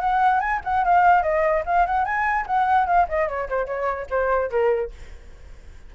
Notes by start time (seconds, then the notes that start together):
0.00 F#5
0.40 G#5
0.64 F#5
0.84 F5
1.22 D#5
1.65 F5
1.86 F#5
2.05 G#5
2.46 F#5
2.86 F5
3.08 D#5
3.28 C#5
3.49 C5
3.66 C#5
4.10 C5
4.50 A#4